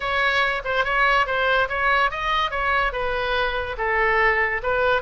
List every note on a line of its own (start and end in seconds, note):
0.00 0.62 C#5
0.64 0.84 C5
0.84 1.26 C#5
1.26 1.68 C5
1.69 2.10 C#5
2.10 2.51 D#5
2.51 2.92 C#5
2.92 3.76 B4
3.77 4.61 A4
4.62 5.02 B4